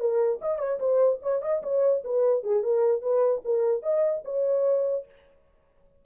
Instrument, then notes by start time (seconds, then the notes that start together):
horn
0.00 A#4
0.42 D#5
0.59 C#5
0.80 C5
1.23 C#5
1.42 D#5
1.63 C#5
2.04 B4
2.44 G#4
2.63 A#4
3.02 B4
3.45 A#4
3.83 D#5
4.25 C#5